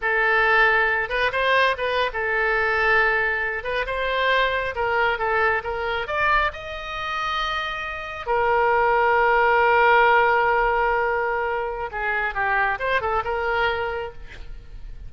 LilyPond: \new Staff \with { instrumentName = "oboe" } { \time 4/4 \tempo 4 = 136 a'2~ a'8 b'8 c''4 | b'8. a'2.~ a'16~ | a'16 b'8 c''2 ais'4 a'16~ | a'8. ais'4 d''4 dis''4~ dis''16~ |
dis''2~ dis''8. ais'4~ ais'16~ | ais'1~ | ais'2. gis'4 | g'4 c''8 a'8 ais'2 | }